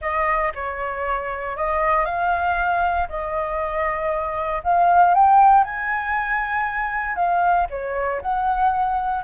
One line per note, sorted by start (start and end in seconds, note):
0.01 0.52 D#5
0.55 1.56 C#5
1.56 2.05 D#5
2.05 3.07 F5
3.08 4.62 D#5
4.63 5.14 F5
5.14 5.64 G5
5.64 7.15 G#5
7.15 7.66 F5
7.69 8.21 C#5
8.21 9.24 F#5